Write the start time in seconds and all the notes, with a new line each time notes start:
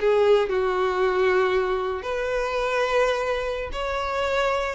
0.00 G#4
0.49 F#4
2.02 B4
3.72 C#5